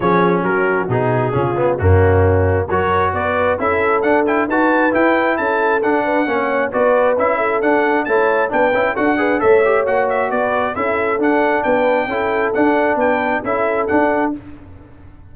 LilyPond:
<<
  \new Staff \with { instrumentName = "trumpet" } { \time 4/4 \tempo 4 = 134 cis''4 ais'4 gis'2 | fis'2 cis''4 d''4 | e''4 fis''8 g''8 a''4 g''4 | a''4 fis''2 d''4 |
e''4 fis''4 a''4 g''4 | fis''4 e''4 fis''8 e''8 d''4 | e''4 fis''4 g''2 | fis''4 g''4 e''4 fis''4 | }
  \new Staff \with { instrumentName = "horn" } { \time 4/4 gis'4 fis'2 f'4 | cis'2 ais'4 b'4 | a'2 b'2 | a'4. b'8 cis''4 b'4~ |
b'8 a'4. cis''4 b'4 | a'8 b'8 cis''2 b'4 | a'2 b'4 a'4~ | a'4 b'4 a'2 | }
  \new Staff \with { instrumentName = "trombone" } { \time 4/4 cis'2 dis'4 cis'8 b8 | ais2 fis'2 | e'4 d'8 e'8 fis'4 e'4~ | e'4 d'4 cis'4 fis'4 |
e'4 d'4 e'4 d'8 e'8 | fis'8 gis'8 a'8 g'8 fis'2 | e'4 d'2 e'4 | d'2 e'4 d'4 | }
  \new Staff \with { instrumentName = "tuba" } { \time 4/4 f4 fis4 b,4 cis4 | fis,2 fis4 b4 | cis'4 d'4 dis'4 e'4 | cis'4 d'4 ais4 b4 |
cis'4 d'4 a4 b8 cis'8 | d'4 a4 ais4 b4 | cis'4 d'4 b4 cis'4 | d'4 b4 cis'4 d'4 | }
>>